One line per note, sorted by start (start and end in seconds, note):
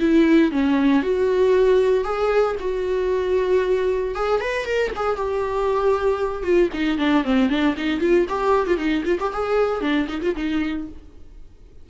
0.00 0.52 E4
0.52 1.03 C#4
1.03 2.05 F#4
2.05 2.56 G#4
2.60 4.15 F#4
4.15 4.41 G#4
4.41 4.65 B4
4.65 4.91 A#4
4.96 5.17 G#4
5.17 6.43 G4
6.43 6.69 F4
6.74 6.99 D#4
6.99 7.25 D4
7.25 7.50 C4
7.50 7.76 D4
7.78 8.01 D#4
8.01 8.26 F4
8.29 8.68 G4
8.68 8.78 F4
8.78 9.04 D#4
9.05 9.18 F4
9.20 9.33 G4
9.33 9.81 G#4
9.81 10.07 D4
10.08 10.21 D#4
10.22 10.35 F4
10.37 10.88 D#4